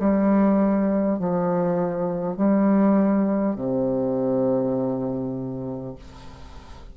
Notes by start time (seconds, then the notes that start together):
0.00 G3
1.19 F3
2.37 G3
3.56 C3